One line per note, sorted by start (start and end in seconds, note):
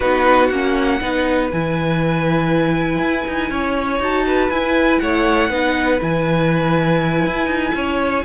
0.00 0.50 B3
0.00 0.51 D#4
0.00 1.00 F#4
0.00 0.47 B4
0.47 1.00 A#3
0.47 1.00 C#4
0.47 1.47 F#5
1.00 1.51 B3
1.00 1.50 D#4
1.00 3.50 B4
1.51 2.98 E3
1.51 4.00 E4
1.51 4.01 G#5
2.98 3.23 E4
3.27 3.49 D#4
3.49 3.99 C#4
3.49 4.25 C#5
3.99 4.49 D#4
3.99 4.50 F#4
3.99 4.50 A5
4.26 5.01 B4
4.49 4.99 E4
4.49 5.51 E4
4.49 4.99 G#5
4.99 5.49 A3
4.99 5.49 C#5
4.99 5.99 F#5
5.49 5.99 B3
5.49 5.99 D#4
5.49 7.74 B4
5.99 7.26 E3
5.99 8.24 E4
5.99 8.25 G#5
7.26 7.46 E4
7.46 7.71 D#4
7.74 8.24 C#4
7.74 8.25 C#5